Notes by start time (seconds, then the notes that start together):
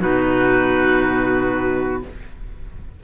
0.00 B2 D#4 F#4 B4